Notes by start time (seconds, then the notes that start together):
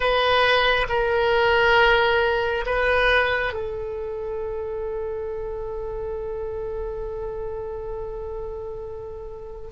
0.00 B4
0.88 A#4
2.66 B4
3.53 A4